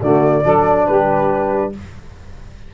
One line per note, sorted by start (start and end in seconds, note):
0.00 0.44 D3
0.00 0.44 A3
0.00 0.43 F#4
0.00 0.86 D5
0.43 0.87 F#3
0.43 1.72 D4
0.43 0.86 A4
0.86 1.74 G3
0.86 1.72 G4
0.86 1.72 B4